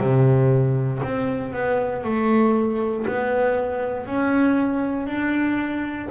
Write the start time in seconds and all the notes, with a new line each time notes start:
0.00 C3
1.03 C4
1.53 B3
2.04 A3
3.07 B3
4.06 C#4
5.07 D4